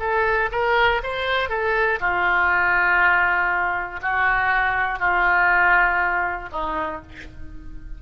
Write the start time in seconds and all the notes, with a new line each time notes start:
0.00 A4
0.51 A#4
1.03 C5
1.50 A4
2.00 F4
4.02 F#4
5.00 F4
6.52 D#4